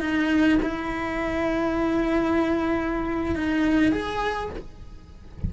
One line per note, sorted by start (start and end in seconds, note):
0.00 0.58 D#4
0.62 3.35 E4
3.35 3.92 D#4
3.92 4.50 G#4